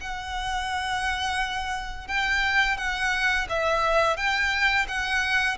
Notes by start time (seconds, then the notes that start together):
0.00 F#5
2.08 G5
2.77 F#5
3.49 E5
4.17 G5
4.88 F#5